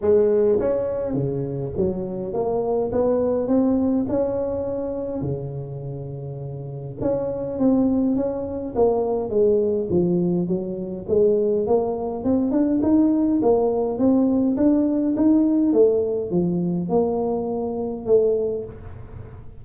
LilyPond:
\new Staff \with { instrumentName = "tuba" } { \time 4/4 \tempo 4 = 103 gis4 cis'4 cis4 fis4 | ais4 b4 c'4 cis'4~ | cis'4 cis2. | cis'4 c'4 cis'4 ais4 |
gis4 f4 fis4 gis4 | ais4 c'8 d'8 dis'4 ais4 | c'4 d'4 dis'4 a4 | f4 ais2 a4 | }